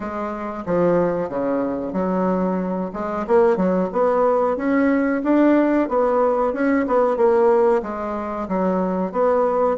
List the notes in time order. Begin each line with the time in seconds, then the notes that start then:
0.00 G#3
0.66 F3
1.29 C#3
1.92 F#3
2.93 G#3
3.27 A#3
3.56 F#3
3.92 B3
4.57 C#4
5.24 D4
5.89 B3
6.53 C#4
6.87 B3
7.17 A#3
7.82 G#3
8.48 F#3
9.12 B3